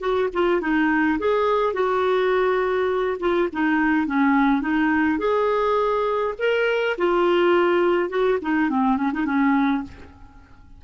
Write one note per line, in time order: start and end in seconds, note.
0.00 0.29 F#4
0.34 0.61 F4
0.61 1.19 D#4
1.19 1.73 G#4
1.73 3.18 F#4
3.20 3.49 F4
3.53 4.07 D#4
4.07 4.62 C#4
4.62 5.19 D#4
5.19 6.34 G#4
6.39 6.97 A#4
6.98 8.10 F4
8.10 8.38 F#4
8.42 8.70 D#4
8.70 8.97 C4
8.97 9.12 C#4
9.13 9.26 D#4
9.26 9.83 C#4